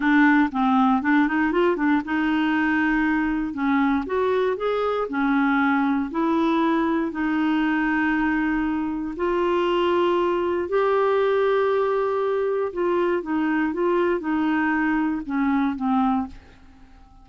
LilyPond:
\new Staff \with { instrumentName = "clarinet" } { \time 4/4 \tempo 4 = 118 d'4 c'4 d'8 dis'8 f'8 d'8 | dis'2. cis'4 | fis'4 gis'4 cis'2 | e'2 dis'2~ |
dis'2 f'2~ | f'4 g'2.~ | g'4 f'4 dis'4 f'4 | dis'2 cis'4 c'4 | }